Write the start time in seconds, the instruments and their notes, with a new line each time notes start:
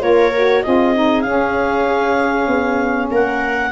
0.00 tuba A#3, saxophone F4, viola A#4, clarinet C#5
0.35 saxophone F#4
0.62 tuba C4, saxophone F4, viola G#4, clarinet D#5
0.95 saxophone D#4
1.21 tuba C#4, saxophone C#4, clarinet F5
2.47 tuba B3
3.11 tuba A#3, viola A#4, clarinet F#5